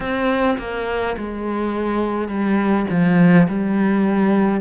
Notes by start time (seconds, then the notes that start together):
0.00 C4
0.58 A#3
1.17 G#3
2.28 G3
2.90 F3
3.48 G3